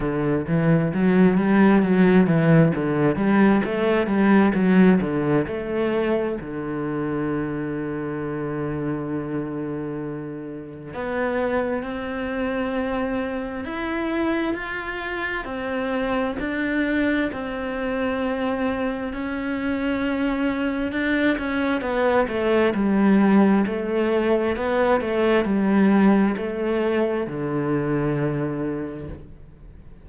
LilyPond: \new Staff \with { instrumentName = "cello" } { \time 4/4 \tempo 4 = 66 d8 e8 fis8 g8 fis8 e8 d8 g8 | a8 g8 fis8 d8 a4 d4~ | d1 | b4 c'2 e'4 |
f'4 c'4 d'4 c'4~ | c'4 cis'2 d'8 cis'8 | b8 a8 g4 a4 b8 a8 | g4 a4 d2 | }